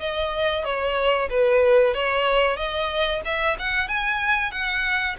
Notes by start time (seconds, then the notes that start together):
0.00 D#5
0.65 C#5
1.30 B4
1.94 C#5
2.57 D#5
3.25 E5
3.59 F#5
3.88 G#5
4.51 F#5